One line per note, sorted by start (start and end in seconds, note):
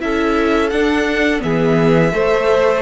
0.00 0.72 C#4
0.00 0.71 E4
0.00 1.44 A4
0.00 0.70 E5
0.70 1.40 D4
0.70 1.43 D4
0.70 1.41 F#5
1.40 2.14 E3
1.40 2.10 B3
1.40 2.14 G#4
1.40 2.83 E5
2.12 2.83 A3
2.12 2.83 C5